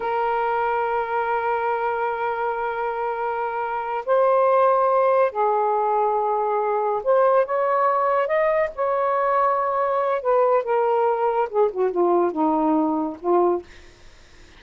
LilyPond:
\new Staff \with { instrumentName = "saxophone" } { \time 4/4 \tempo 4 = 141 ais'1~ | ais'1~ | ais'4. c''2~ c''8~ | c''8 gis'2.~ gis'8~ |
gis'8 c''4 cis''2 dis''8~ | dis''8 cis''2.~ cis''8 | b'4 ais'2 gis'8 fis'8 | f'4 dis'2 f'4 | }